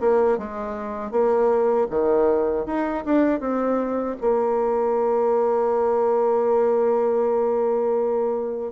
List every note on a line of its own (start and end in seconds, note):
0.00 0.38 A#3
0.38 1.11 G#3
1.11 1.87 A#3
1.90 2.66 D#3
2.66 3.04 D#4
3.06 3.40 D4
3.40 4.16 C4
4.21 8.72 A#3